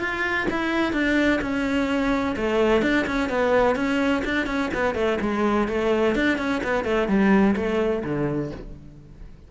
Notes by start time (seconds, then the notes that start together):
0.00 F4
0.50 E4
0.93 D4
1.41 C#4
2.36 A3
2.82 D4
3.07 C#4
3.29 B3
3.75 C#4
4.25 D4
4.46 C#4
4.74 B3
4.95 A3
5.21 G#3
5.68 A3
6.15 D4
6.38 C#4
6.64 B3
6.84 A3
7.08 G3
7.56 A3
8.04 D3